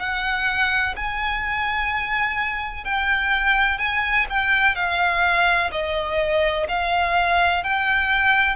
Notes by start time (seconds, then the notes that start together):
0.00 F#5
0.96 G#5
2.84 G5
3.79 G#5
4.30 G5
4.75 F5
5.72 D#5
6.69 F5
7.64 G5